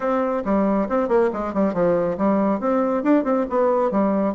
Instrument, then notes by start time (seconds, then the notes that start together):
bassoon
0.00 C4
0.44 G3
0.88 C4
1.08 A#3
1.32 G#3
1.53 G3
1.73 F3
2.17 G3
2.60 C4
3.03 D4
3.24 C4
3.49 B3
3.91 G3